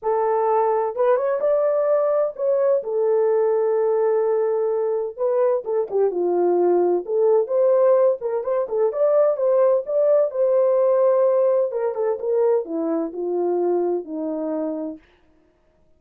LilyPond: \new Staff \with { instrumentName = "horn" } { \time 4/4 \tempo 4 = 128 a'2 b'8 cis''8 d''4~ | d''4 cis''4 a'2~ | a'2. b'4 | a'8 g'8 f'2 a'4 |
c''4. ais'8 c''8 a'8 d''4 | c''4 d''4 c''2~ | c''4 ais'8 a'8 ais'4 e'4 | f'2 dis'2 | }